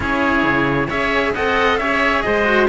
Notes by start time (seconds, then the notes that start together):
0.00 C#4 E4 G#4 C#5
0.43 C#3
0.88 C#4 G#4 C#5 E5
1.34 C4 A4 D#5 F#5
1.78 C#4 G#4 C#5 E5
2.21 G#3 C5 D#5
2.44 F#4